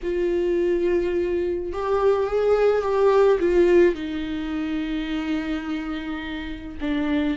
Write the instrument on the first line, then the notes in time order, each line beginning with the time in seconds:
viola
0.03 F4
1.72 G4
2.26 G#4
2.81 G4
3.39 F4
3.94 D#4
6.81 D4